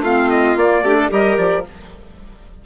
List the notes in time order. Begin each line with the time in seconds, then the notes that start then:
0.00 A3 C4 F4 F5
0.30 D#5
0.56 A#3 D5
0.82 A3 D4 G4
0.97 A4
1.09 G3 G4 A#4 D#5
1.37 F3 D5